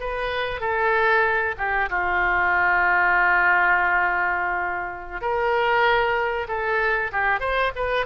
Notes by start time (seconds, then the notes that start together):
0.00 B4
0.60 A4
1.58 G4
1.89 F4
5.21 A#4
6.48 A4
7.12 G4
7.40 C5
7.75 B4